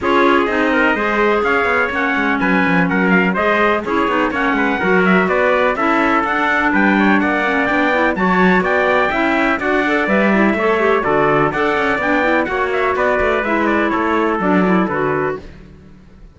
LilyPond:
<<
  \new Staff \with { instrumentName = "trumpet" } { \time 4/4 \tempo 4 = 125 cis''4 dis''2 f''4 | fis''4 gis''4 fis''8 f''8 dis''4 | cis''4 fis''4. e''8 d''4 | e''4 fis''4 g''4 fis''4 |
g''4 a''4 g''2 | fis''4 e''2 d''4 | fis''4 g''4 fis''8 e''8 d''4 | e''8 d''8 cis''4 d''4 b'4 | }
  \new Staff \with { instrumentName = "trumpet" } { \time 4/4 gis'4. ais'8 c''4 cis''4~ | cis''4 b'4 ais'4 c''4 | gis'4 cis''8 b'8 ais'4 b'4 | a'2 b'8 cis''8 d''4~ |
d''4 cis''4 d''4 e''4 | d''2 cis''4 a'4 | d''2 cis''4 b'4~ | b'4 a'2. | }
  \new Staff \with { instrumentName = "clarinet" } { \time 4/4 f'4 dis'4 gis'2 | cis'2. gis'4 | e'8 dis'8 cis'4 fis'2 | e'4 d'2~ d'8 cis'8 |
d'8 e'8 fis'2 e'4 | fis'8 a'8 b'8 e'8 a'8 g'8 fis'4 | a'4 d'8 e'8 fis'2 | e'2 d'8 e'8 fis'4 | }
  \new Staff \with { instrumentName = "cello" } { \time 4/4 cis'4 c'4 gis4 cis'8 b8 | ais8 gis8 fis8 f8 fis4 gis4 | cis'8 b8 ais8 gis8 fis4 b4 | cis'4 d'4 g4 ais4 |
b4 fis4 b4 cis'4 | d'4 g4 a4 d4 | d'8 cis'8 b4 ais4 b8 a8 | gis4 a4 fis4 d4 | }
>>